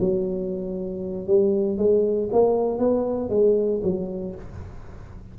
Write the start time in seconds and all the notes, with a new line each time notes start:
0.00 F#3
1.27 G3
1.78 G#3
2.33 A#3
2.79 B3
3.30 G#3
3.84 F#3